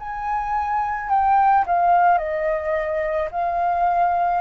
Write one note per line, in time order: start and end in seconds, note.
0.00 1.10 G#5
1.10 1.65 G5
1.67 2.18 F5
2.18 3.29 D#5
3.31 4.41 F5